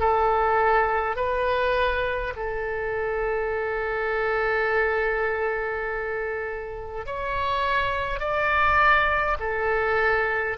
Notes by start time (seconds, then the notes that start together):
0.00 A4
1.17 B4
2.36 A4
7.06 C#5
8.20 D5
9.40 A4